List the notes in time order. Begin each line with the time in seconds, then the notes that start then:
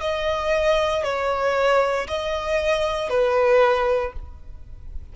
0.00 D#5
1.03 C#5
2.07 D#5
3.09 B4